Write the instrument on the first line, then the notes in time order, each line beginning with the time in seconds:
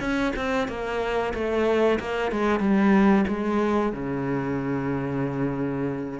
cello
0.00 C#4
0.36 C4
0.68 A#3
1.34 A3
2.00 A#3
2.32 G#3
2.60 G3
3.27 G#3
3.93 C#3